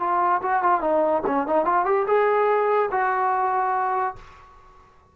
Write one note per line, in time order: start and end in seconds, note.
0.00 0.41 F4
0.42 0.63 F#4
0.63 0.81 F4
0.81 1.22 D#4
1.27 1.47 C#4
1.47 1.65 D#4
1.65 1.86 F4
1.86 2.06 G4
2.07 2.90 G#4
2.92 4.16 F#4